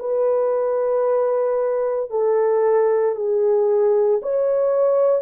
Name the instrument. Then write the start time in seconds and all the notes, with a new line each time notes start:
horn
0.00 B4
2.11 A4
3.16 G#4
4.22 C#5